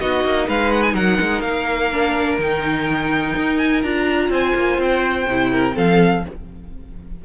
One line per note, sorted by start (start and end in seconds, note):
0.00 0.25 B3
0.00 1.92 D#4
0.00 0.47 F#4
0.00 0.48 D#5
0.25 0.48 A#3
0.47 0.94 G#3
0.47 0.93 B4
0.47 0.72 F5
0.72 0.83 F#5
0.83 0.95 G#5
0.93 1.18 F#3
0.93 4.29 A#4
0.93 1.41 F#5
1.21 1.42 G#3
1.41 2.38 A#3
1.41 2.37 F5
1.92 2.40 D4
2.38 3.34 D#3
2.38 3.83 D#4
2.38 3.58 G5
3.36 3.83 D#4
3.58 3.82 G#5
3.82 4.29 D4
3.82 5.27 F4
3.82 4.30 A#5
4.29 4.53 C4
4.29 5.52 C5
4.29 4.81 G#5
4.55 4.78 A#3
4.78 5.26 C4
4.78 5.77 G5
5.27 5.75 C3
5.27 5.73 E4
5.52 5.76 A#4
5.73 6.25 F3
5.73 6.21 C4
5.73 6.24 A4
5.73 6.25 F5